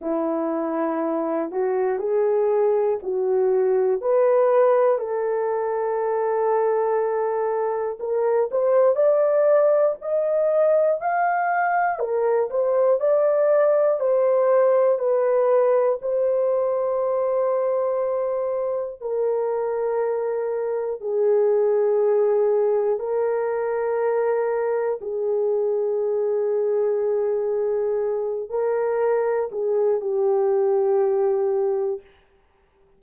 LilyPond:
\new Staff \with { instrumentName = "horn" } { \time 4/4 \tempo 4 = 60 e'4. fis'8 gis'4 fis'4 | b'4 a'2. | ais'8 c''8 d''4 dis''4 f''4 | ais'8 c''8 d''4 c''4 b'4 |
c''2. ais'4~ | ais'4 gis'2 ais'4~ | ais'4 gis'2.~ | gis'8 ais'4 gis'8 g'2 | }